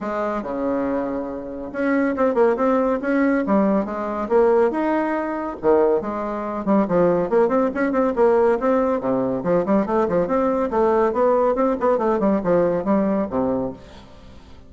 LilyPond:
\new Staff \with { instrumentName = "bassoon" } { \time 4/4 \tempo 4 = 140 gis4 cis2. | cis'4 c'8 ais8 c'4 cis'4 | g4 gis4 ais4 dis'4~ | dis'4 dis4 gis4. g8 |
f4 ais8 c'8 cis'8 c'8 ais4 | c'4 c4 f8 g8 a8 f8 | c'4 a4 b4 c'8 b8 | a8 g8 f4 g4 c4 | }